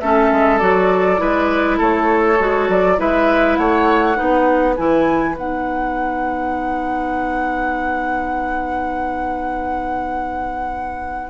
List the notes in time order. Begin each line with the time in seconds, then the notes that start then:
0.00 A3 C#4 A4 E5
0.32 G#3
0.58 F#3 F#4 D5
1.17 G#3 E4 B4
1.78 A3 A4 C#5
2.40 G#3 F#4
2.69 F#3 D5
2.97 G#3 E4 B4 E5
3.56 A3 C#5 F#5
4.16 B3 D#4 B4
4.77 E3 E4 G#5
5.35 B3 D#4 F#5